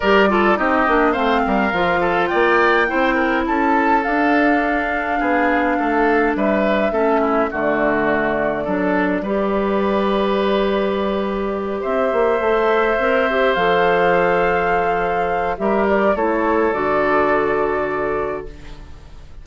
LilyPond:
<<
  \new Staff \with { instrumentName = "flute" } { \time 4/4 \tempo 4 = 104 d''4 dis''4 f''2 | g''2 a''4 f''4~ | f''2. e''4~ | e''4 d''2.~ |
d''1~ | d''8 e''2. f''8~ | f''2. e''8 d''8 | cis''4 d''2. | }
  \new Staff \with { instrumentName = "oboe" } { \time 4/4 ais'8 a'8 g'4 c''8 ais'4 a'8 | d''4 c''8 ais'8 a'2~ | a'4 gis'4 a'4 b'4 | a'8 e'8 fis'2 a'4 |
b'1~ | b'8 c''2.~ c''8~ | c''2. ais'4 | a'1 | }
  \new Staff \with { instrumentName = "clarinet" } { \time 4/4 g'8 f'8 dis'8 d'8 c'4 f'4~ | f'4 e'2 d'4~ | d'1 | cis'4 a2 d'4 |
g'1~ | g'4. a'4 ais'8 g'8 a'8~ | a'2. g'4 | e'4 fis'2. | }
  \new Staff \with { instrumentName = "bassoon" } { \time 4/4 g4 c'8 ais8 a8 g8 f4 | ais4 c'4 cis'4 d'4~ | d'4 b4 a4 g4 | a4 d2 fis4 |
g1~ | g8 c'8 ais8 a4 c'4 f8~ | f2. g4 | a4 d2. | }
>>